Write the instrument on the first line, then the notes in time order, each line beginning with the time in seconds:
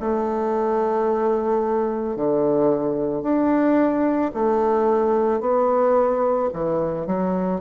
bassoon
0.00 A3
2.16 D3
3.22 D4
4.33 A3
5.40 B3
6.53 E3
7.06 F#3